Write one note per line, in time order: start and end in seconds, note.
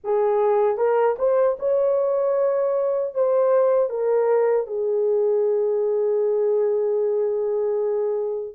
0.04 0.77 G#4
0.77 1.16 A#4
1.18 1.57 C5
1.59 3.14 C#5
3.14 3.89 C5
3.89 4.66 A#4
4.66 8.54 G#4